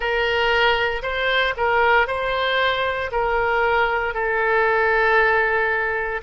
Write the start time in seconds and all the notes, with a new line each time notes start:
0.00 A#4
1.02 C5
1.57 A#4
2.07 C5
3.11 A#4
4.14 A4